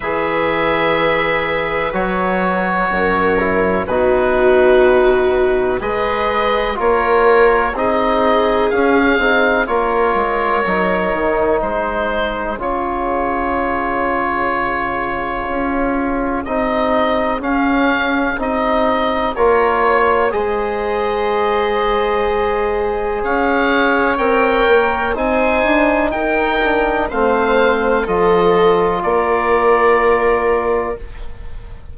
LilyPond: <<
  \new Staff \with { instrumentName = "oboe" } { \time 4/4 \tempo 4 = 62 e''2 cis''2 | b'2 dis''4 cis''4 | dis''4 f''4 cis''2 | c''4 cis''2.~ |
cis''4 dis''4 f''4 dis''4 | cis''4 dis''2. | f''4 g''4 gis''4 g''4 | f''4 dis''4 d''2 | }
  \new Staff \with { instrumentName = "viola" } { \time 4/4 b'2. ais'4 | fis'2 b'4 ais'4 | gis'2 ais'2 | gis'1~ |
gis'1 | ais'8 cis''8 c''2. | cis''2 c''4 ais'4 | c''4 a'4 ais'2 | }
  \new Staff \with { instrumentName = "trombone" } { \time 4/4 gis'2 fis'4. e'8 | dis'2 gis'4 f'4 | dis'4 cis'8 dis'8 f'4 dis'4~ | dis'4 f'2.~ |
f'4 dis'4 cis'4 dis'4 | f'4 gis'2.~ | gis'4 ais'4 dis'4. d'8 | c'4 f'2. | }
  \new Staff \with { instrumentName = "bassoon" } { \time 4/4 e2 fis4 fis,4 | b,2 gis4 ais4 | c'4 cis'8 c'8 ais8 gis8 fis8 dis8 | gis4 cis2. |
cis'4 c'4 cis'4 c'4 | ais4 gis2. | cis'4 c'8 ais8 c'8 d'8 dis'4 | a4 f4 ais2 | }
>>